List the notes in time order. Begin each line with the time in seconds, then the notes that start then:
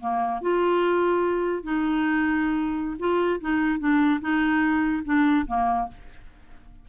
0.00 A#3
0.41 F4
1.63 D#4
2.99 F4
3.40 D#4
3.79 D4
4.21 D#4
5.05 D4
5.47 A#3